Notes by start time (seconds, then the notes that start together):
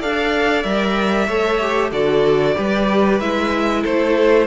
0.00 D4 A4 D5 F5
0.63 G3 A#4 E5
1.27 A3 A4 C#5
1.61 G4
1.92 D3 F#4 A4 D5
2.56 G3 G4 B4
3.20 G#3 E4 E5
3.82 A3 A4 C5